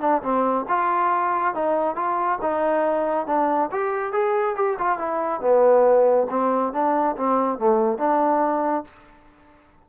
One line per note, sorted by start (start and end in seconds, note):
0.00 0.22 D4
0.22 0.65 C4
0.68 1.54 F4
1.54 1.95 D#4
1.95 2.38 F4
2.41 3.26 D#4
3.26 3.69 D4
3.71 4.12 G4
4.12 4.55 G#4
4.55 4.77 G4
4.78 4.98 F4
4.98 5.40 E4
5.40 6.27 B3
6.29 6.72 C4
6.72 7.15 D4
7.16 7.58 C4
7.58 7.98 A3
7.98 8.84 D4